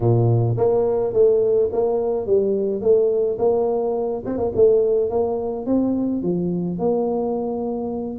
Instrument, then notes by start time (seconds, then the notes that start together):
tuba
0.00 A#2
0.57 A#3
1.13 A3
1.72 A#3
2.26 G3
2.81 A3
3.38 A#3
4.25 C4
4.37 A#3
4.55 A3
5.10 A#3
5.66 C4
6.22 F3
6.78 A#3